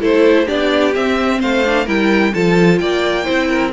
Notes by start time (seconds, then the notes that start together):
0.00 A3 E4 A4 C5
0.45 B3 D4 G4 D5
0.94 C4 E5
1.40 A3 C5 F5
1.65 D4
1.85 G3 E4 A#4 G5
2.33 F3 F4 A4 A5
2.78 A#3 D5 G5
3.24 C4 E4 C5
3.48 A#4